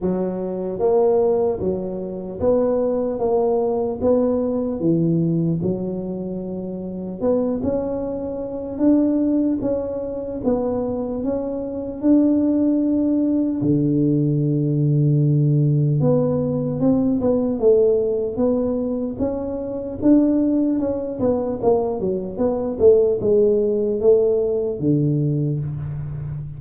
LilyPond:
\new Staff \with { instrumentName = "tuba" } { \time 4/4 \tempo 4 = 75 fis4 ais4 fis4 b4 | ais4 b4 e4 fis4~ | fis4 b8 cis'4. d'4 | cis'4 b4 cis'4 d'4~ |
d'4 d2. | b4 c'8 b8 a4 b4 | cis'4 d'4 cis'8 b8 ais8 fis8 | b8 a8 gis4 a4 d4 | }